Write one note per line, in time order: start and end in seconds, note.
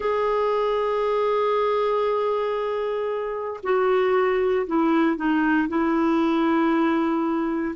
0.00 3.60 G#4
3.63 4.66 F#4
4.66 5.16 E4
5.16 5.68 D#4
5.68 7.75 E4